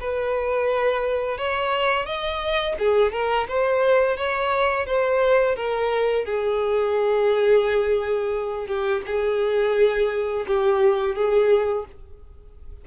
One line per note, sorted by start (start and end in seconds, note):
0.00 1.38 B4
1.38 2.05 C#5
2.05 2.75 D#5
2.79 3.12 G#4
3.12 3.47 A#4
3.48 4.17 C5
4.17 4.86 C#5
4.86 5.56 C5
5.56 6.25 A#4
6.25 8.67 G#4
8.67 9.02 G4
9.06 10.46 G#4
10.47 11.15 G4
11.15 11.85 G#4